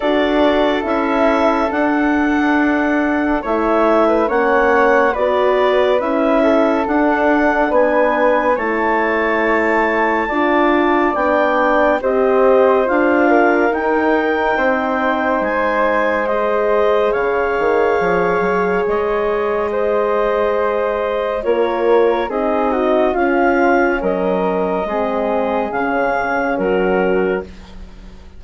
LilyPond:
<<
  \new Staff \with { instrumentName = "clarinet" } { \time 4/4 \tempo 4 = 70 d''4 e''4 fis''2 | e''4 fis''4 d''4 e''4 | fis''4 gis''4 a''2~ | a''4 g''4 dis''4 f''4 |
g''2 gis''4 dis''4 | f''2 dis''2~ | dis''4 cis''4 dis''4 f''4 | dis''2 f''4 ais'4 | }
  \new Staff \with { instrumentName = "flute" } { \time 4/4 a'1 | cis''8. b'16 cis''4 b'4. a'8~ | a'4 b'4 cis''2 | d''2 c''4. ais'8~ |
ais'4 c''2. | cis''2. c''4~ | c''4 ais'4 gis'8 fis'8 f'4 | ais'4 gis'2 fis'4 | }
  \new Staff \with { instrumentName = "horn" } { \time 4/4 fis'4 e'4 d'2 | e'4 cis'4 fis'4 e'4 | d'2 e'2 | f'4 d'4 g'4 f'4 |
dis'2. gis'4~ | gis'1~ | gis'4 f'4 dis'4 cis'4~ | cis'4 c'4 cis'2 | }
  \new Staff \with { instrumentName = "bassoon" } { \time 4/4 d'4 cis'4 d'2 | a4 ais4 b4 cis'4 | d'4 b4 a2 | d'4 b4 c'4 d'4 |
dis'4 c'4 gis2 | cis8 dis8 f8 fis8 gis2~ | gis4 ais4 c'4 cis'4 | fis4 gis4 cis4 fis4 | }
>>